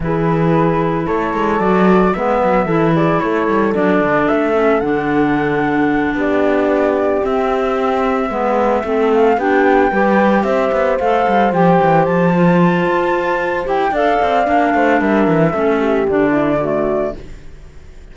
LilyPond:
<<
  \new Staff \with { instrumentName = "flute" } { \time 4/4 \tempo 4 = 112 b'2 cis''4 d''4 | e''4. d''8 cis''4 d''4 | e''4 fis''2~ fis''8 d''8~ | d''4. e''2~ e''8~ |
e''4 f''8 g''2 e''8~ | e''8 f''4 g''4 a''4.~ | a''4. g''8 f''2 | e''2 d''2 | }
  \new Staff \with { instrumentName = "horn" } { \time 4/4 gis'2 a'2 | b'4 a'8 gis'8 a'2~ | a'2.~ a'8 g'8~ | g'2.~ g'8 b'8~ |
b'8 a'4 g'4 b'4 c''8~ | c''1~ | c''2 d''4. c''8 | ais'4 a'8 g'4 e'8 fis'4 | }
  \new Staff \with { instrumentName = "clarinet" } { \time 4/4 e'2. fis'4 | b4 e'2 d'4~ | d'8 cis'8 d'2.~ | d'4. c'2 b8~ |
b8 c'4 d'4 g'4.~ | g'8 a'4 g'4. f'4~ | f'4. g'8 a'4 d'4~ | d'4 cis'4 d'4 a4 | }
  \new Staff \with { instrumentName = "cello" } { \time 4/4 e2 a8 gis8 fis4 | gis8 fis8 e4 a8 g8 fis8 d8 | a4 d2~ d8 b8~ | b4. c'2 gis8~ |
gis8 a4 b4 g4 c'8 | b8 a8 g8 f8 e8 f4. | f'4. e'8 d'8 c'8 ais8 a8 | g8 e8 a4 d2 | }
>>